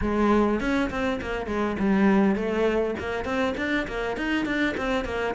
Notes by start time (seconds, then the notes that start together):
0.01 G#3
0.60 C#4
0.90 C4
1.21 A#3
1.46 G#3
1.79 G3
2.35 A3
2.99 A#3
3.24 C4
3.57 D4
3.87 A#3
4.16 D#4
4.45 D4
4.77 C4
5.05 A#3